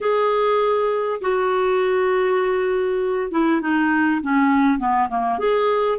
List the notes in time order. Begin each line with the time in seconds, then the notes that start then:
0.01 G#4
1.21 F#4
3.31 E4
3.61 D#4
4.21 C#4
4.78 B3
5.09 A#3
5.38 G#4